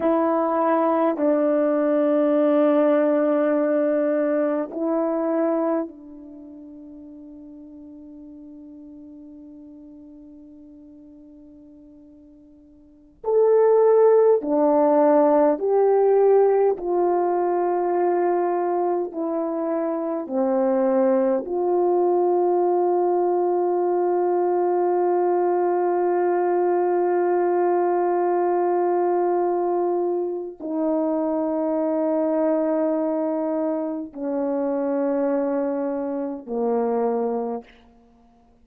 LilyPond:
\new Staff \with { instrumentName = "horn" } { \time 4/4 \tempo 4 = 51 e'4 d'2. | e'4 d'2.~ | d'2.~ d'16 a'8.~ | a'16 d'4 g'4 f'4.~ f'16~ |
f'16 e'4 c'4 f'4.~ f'16~ | f'1~ | f'2 dis'2~ | dis'4 cis'2 ais4 | }